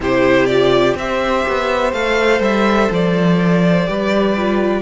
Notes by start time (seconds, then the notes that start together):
0.00 C3 E4 G4 C5
0.46 F4 D5
0.95 C4 G4 C5 E5
1.48 B3
1.92 A3 A4 F5
2.40 G3 E5
2.90 F3 D5
3.86 G3 G4 B4
4.36 F4